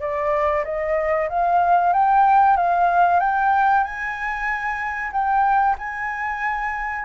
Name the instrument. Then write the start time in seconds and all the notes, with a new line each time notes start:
flute
0.00 D5
0.64 D#5
1.29 F5
1.93 G5
2.56 F5
3.20 G5
3.84 G#5
5.12 G5
5.78 G#5